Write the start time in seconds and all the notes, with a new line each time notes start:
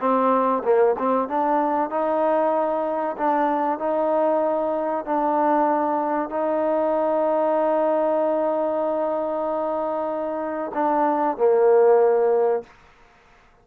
0.00 C4
0.64 A#3
0.99 C4
1.29 D4
1.90 D#4
3.17 D4
3.79 D#4
5.06 D4
6.30 D#4
10.74 D4
11.37 A#3